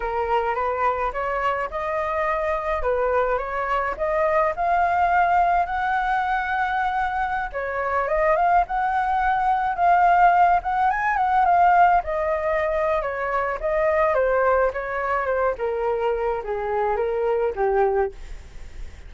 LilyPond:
\new Staff \with { instrumentName = "flute" } { \time 4/4 \tempo 4 = 106 ais'4 b'4 cis''4 dis''4~ | dis''4 b'4 cis''4 dis''4 | f''2 fis''2~ | fis''4~ fis''16 cis''4 dis''8 f''8 fis''8.~ |
fis''4~ fis''16 f''4. fis''8 gis''8 fis''16~ | fis''16 f''4 dis''4.~ dis''16 cis''4 | dis''4 c''4 cis''4 c''8 ais'8~ | ais'4 gis'4 ais'4 g'4 | }